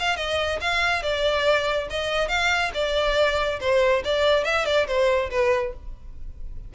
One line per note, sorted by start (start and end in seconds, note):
0.00 0.17 F5
0.17 0.60 D#5
0.61 1.03 F5
1.03 1.88 D5
1.90 2.29 D#5
2.29 2.71 F5
2.74 3.60 D5
3.60 4.03 C5
4.05 4.45 D5
4.45 4.66 E5
4.66 4.87 D5
4.87 5.30 C5
5.30 5.73 B4